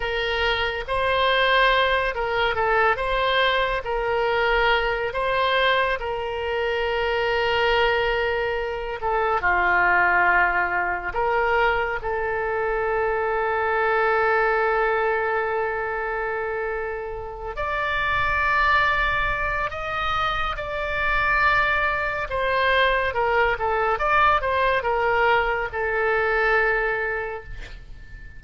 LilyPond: \new Staff \with { instrumentName = "oboe" } { \time 4/4 \tempo 4 = 70 ais'4 c''4. ais'8 a'8 c''8~ | c''8 ais'4. c''4 ais'4~ | ais'2~ ais'8 a'8 f'4~ | f'4 ais'4 a'2~ |
a'1~ | a'8 d''2~ d''8 dis''4 | d''2 c''4 ais'8 a'8 | d''8 c''8 ais'4 a'2 | }